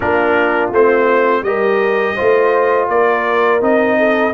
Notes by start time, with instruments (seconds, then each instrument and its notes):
0.00 tuba A#3, trombone D4, horn F4, trumpet A#4
0.72 tuba A3, trombone C4, trumpet C5
1.42 tuba G3, trombone G4, horn A#4, trumpet D#5
2.15 tuba A3, trombone F4, horn C5
2.89 tuba A#3, horn A#4, trumpet D5
3.60 tuba C4, trombone D#4, trumpet D#5
3.98 horn A4